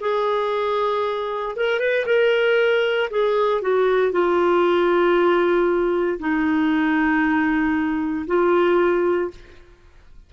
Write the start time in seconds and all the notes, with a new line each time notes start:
0.00 G#4
1.56 A#4
1.80 B4
2.06 A#4
3.10 G#4
3.62 F#4
4.12 F4
6.19 D#4
8.27 F4